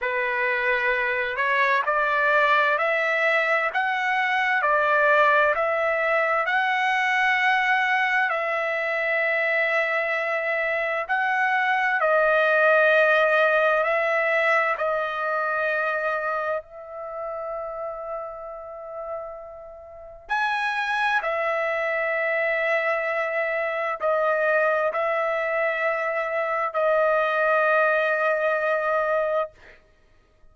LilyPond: \new Staff \with { instrumentName = "trumpet" } { \time 4/4 \tempo 4 = 65 b'4. cis''8 d''4 e''4 | fis''4 d''4 e''4 fis''4~ | fis''4 e''2. | fis''4 dis''2 e''4 |
dis''2 e''2~ | e''2 gis''4 e''4~ | e''2 dis''4 e''4~ | e''4 dis''2. | }